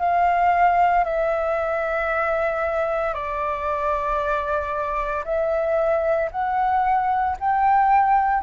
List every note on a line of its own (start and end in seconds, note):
0.00 1.05 F5
1.05 3.14 E5
3.14 5.24 D5
5.25 6.30 E5
6.32 7.37 F#5
7.40 8.43 G5